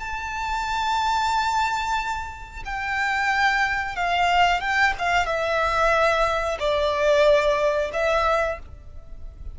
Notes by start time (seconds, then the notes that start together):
0.00 A5
2.66 G5
3.96 F5
4.61 G5
4.99 F5
5.27 E5
6.60 D5
7.93 E5